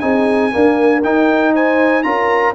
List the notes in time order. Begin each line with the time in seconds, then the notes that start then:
0.00 C4 D#4 G#4 G#5
0.51 A#3 D4 A#4
1.03 D#4 G5
1.54 C5 G#5
2.03 C#4 F4 A#4 A#5